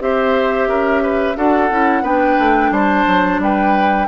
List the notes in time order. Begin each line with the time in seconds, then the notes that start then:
0.00 C4 G4 C5 E5
0.67 C#4 A#4
1.03 B4
1.36 D4 F#4 A4 F#5
1.70 C#4 E4
2.02 B3 D4 B4 G5
2.39 A3
2.71 G3 C5 A5
3.07 F#3
3.39 G3 B4 G5